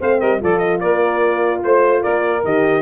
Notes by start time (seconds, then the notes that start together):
0.00 A3 C4 C5 F5
0.20 G3 A#4 D#5
0.40 F3 F4 A4 D5
0.59 D#5
0.81 A#3 A#4 D5
1.64 A3 C5
2.02 A#3 A#4 D5
2.45 D#3 G4 D#5